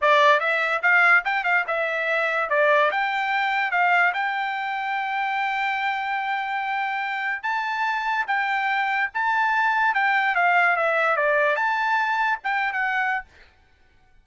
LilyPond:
\new Staff \with { instrumentName = "trumpet" } { \time 4/4 \tempo 4 = 145 d''4 e''4 f''4 g''8 f''8 | e''2 d''4 g''4~ | g''4 f''4 g''2~ | g''1~ |
g''2 a''2 | g''2 a''2 | g''4 f''4 e''4 d''4 | a''2 g''8. fis''4~ fis''16 | }